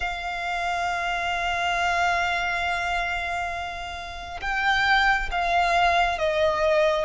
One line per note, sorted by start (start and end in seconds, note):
0.00 4.40 F5
4.41 5.29 G5
5.31 6.18 F5
6.18 7.04 D#5